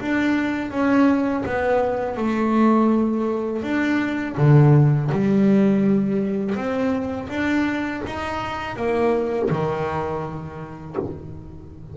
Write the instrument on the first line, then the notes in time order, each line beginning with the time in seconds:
double bass
0.00 D4
0.71 C#4
1.46 B3
2.17 A3
3.63 D4
4.37 D3
5.12 G3
6.55 C4
7.29 D4
8.06 D#4
8.76 A#3
9.50 D#3